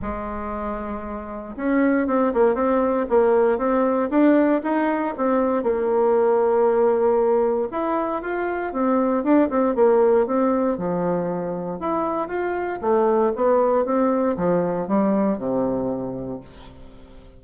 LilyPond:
\new Staff \with { instrumentName = "bassoon" } { \time 4/4 \tempo 4 = 117 gis2. cis'4 | c'8 ais8 c'4 ais4 c'4 | d'4 dis'4 c'4 ais4~ | ais2. e'4 |
f'4 c'4 d'8 c'8 ais4 | c'4 f2 e'4 | f'4 a4 b4 c'4 | f4 g4 c2 | }